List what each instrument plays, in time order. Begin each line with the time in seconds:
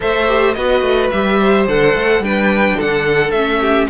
0.00 cello A3, viola A4, violin C5 E5
0.27 viola G4
0.54 cello B3, viola F#4, violin B4 D#5
0.81 cello A3
1.10 cello G3, viola G4, violin E5
1.39 violin C5
1.67 cello D3, viola A4, violin F#5
1.94 cello A3
2.19 cello G3, viola D4, violin B4 G5
2.76 cello D3, violin A4 F#5
3.30 cello A3, viola C#4, violin E5
3.60 violin G4